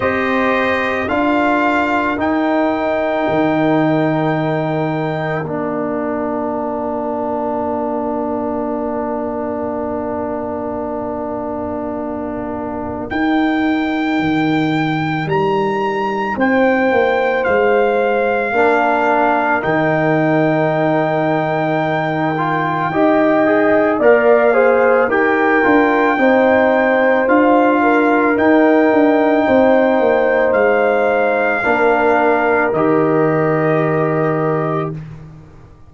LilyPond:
<<
  \new Staff \with { instrumentName = "trumpet" } { \time 4/4 \tempo 4 = 55 dis''4 f''4 g''2~ | g''4 f''2.~ | f''1 | g''2 ais''4 g''4 |
f''2 g''2~ | g''2 f''4 g''4~ | g''4 f''4 g''2 | f''2 dis''2 | }
  \new Staff \with { instrumentName = "horn" } { \time 4/4 c''4 ais'2.~ | ais'1~ | ais'1~ | ais'2. c''4~ |
c''4 ais'2.~ | ais'4 dis''4 d''8 c''8 ais'4 | c''4. ais'4. c''4~ | c''4 ais'2. | }
  \new Staff \with { instrumentName = "trombone" } { \time 4/4 g'4 f'4 dis'2~ | dis'4 d'2.~ | d'1 | dis'1~ |
dis'4 d'4 dis'2~ | dis'8 f'8 g'8 gis'8 ais'8 gis'8 g'8 f'8 | dis'4 f'4 dis'2~ | dis'4 d'4 g'2 | }
  \new Staff \with { instrumentName = "tuba" } { \time 4/4 c'4 d'4 dis'4 dis4~ | dis4 ais2.~ | ais1 | dis'4 dis4 g4 c'8 ais8 |
gis4 ais4 dis2~ | dis4 dis'4 ais4 dis'8 d'8 | c'4 d'4 dis'8 d'8 c'8 ais8 | gis4 ais4 dis2 | }
>>